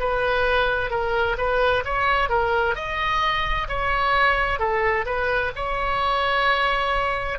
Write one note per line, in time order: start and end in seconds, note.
0.00 0.91 B4
0.91 1.37 A#4
1.38 1.84 B4
1.85 2.30 C#5
2.30 2.76 A#4
2.76 3.68 D#5
3.69 4.59 C#5
4.59 5.06 A4
5.06 5.52 B4
5.56 7.39 C#5